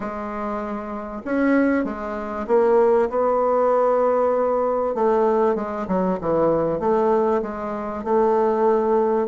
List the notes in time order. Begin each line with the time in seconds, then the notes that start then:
0.00 G#3
1.24 C#4
1.84 G#3
2.47 A#3
3.09 B3
4.94 A3
5.55 G#3
5.87 F#3
6.20 E3
6.79 A3
7.42 G#3
8.04 A3